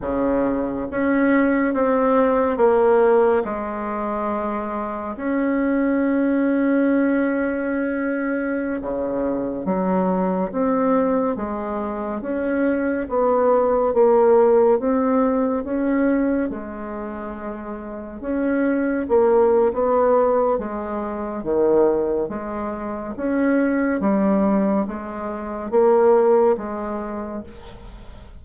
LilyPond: \new Staff \with { instrumentName = "bassoon" } { \time 4/4 \tempo 4 = 70 cis4 cis'4 c'4 ais4 | gis2 cis'2~ | cis'2~ cis'16 cis4 fis8.~ | fis16 c'4 gis4 cis'4 b8.~ |
b16 ais4 c'4 cis'4 gis8.~ | gis4~ gis16 cis'4 ais8. b4 | gis4 dis4 gis4 cis'4 | g4 gis4 ais4 gis4 | }